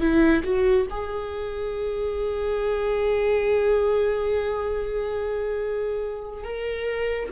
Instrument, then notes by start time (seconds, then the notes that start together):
viola
0.00 E4
0.44 F#4
0.90 G#4
6.44 A#4